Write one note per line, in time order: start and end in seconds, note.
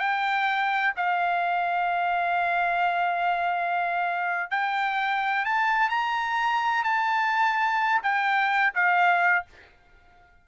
0.00 0.94 G5
0.97 4.51 F5
4.51 5.45 G5
5.45 5.90 A5
5.90 6.84 A#5
6.84 8.03 A5
8.03 8.74 G5
8.75 9.46 F5